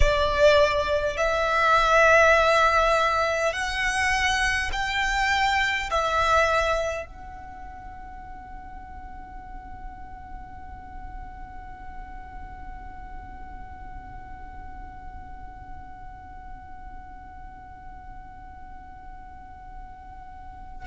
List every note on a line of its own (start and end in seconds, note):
0.00 1.17 D5
1.17 3.52 E5
3.52 4.70 F#5
4.72 5.89 G5
5.90 7.06 E5
7.06 20.86 F#5